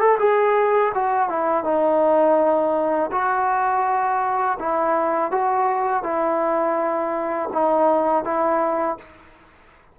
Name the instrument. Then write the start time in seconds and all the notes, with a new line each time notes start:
trombone
0.00 A4
0.19 G#4
0.94 F#4
1.29 E4
1.64 D#4
3.12 F#4
4.59 E4
5.31 F#4
6.04 E4
7.53 D#4
8.24 E4